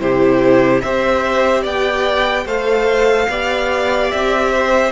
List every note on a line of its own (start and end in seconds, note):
0.00 0.82 C3
0.00 0.83 E4
0.00 0.83 G4
0.00 0.81 C5
0.81 1.65 C4
0.81 2.48 G4
0.81 1.62 C5
0.81 1.63 E5
1.62 2.45 B3
1.62 2.44 D5
1.62 2.47 G5
2.45 3.28 A3
2.45 3.30 A4
2.45 3.28 C5
2.45 4.11 F5
3.29 4.11 B3
3.29 4.91 G4
3.29 4.51 D5
4.11 4.91 C4
4.11 4.91 E5
4.51 4.91 C5